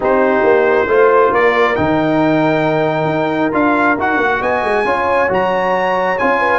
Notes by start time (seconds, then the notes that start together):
0.00 C4 D#4 G4 C5
0.42 A#3
0.87 A3 F4 C5
1.31 A#3 A#4 D5
1.75 D#3 D#4 G5
3.04 D#4
3.52 D4 F4 F5
3.98 D#4 F#4 F#5
4.16 A#3
4.40 B3 D#5 G#5
4.63 G#3
4.84 C#4 F4 C#5
5.28 F#3 F#4 A#5
6.18 C#4 F4 G#5
6.39 B4